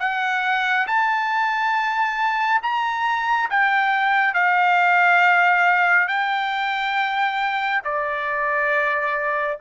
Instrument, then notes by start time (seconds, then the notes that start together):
trumpet
0.00 F#5
0.88 A5
2.63 A#5
3.50 G5
4.34 F5
6.08 G5
7.85 D5